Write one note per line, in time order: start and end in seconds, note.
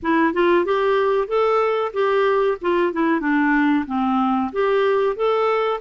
0.02 0.33 E4
0.33 0.65 F4
0.65 1.27 G4
1.27 1.91 A4
1.93 2.57 G4
2.61 2.92 F4
2.92 3.20 E4
3.20 3.85 D4
3.86 4.51 C4
4.52 5.16 G4
5.16 5.80 A4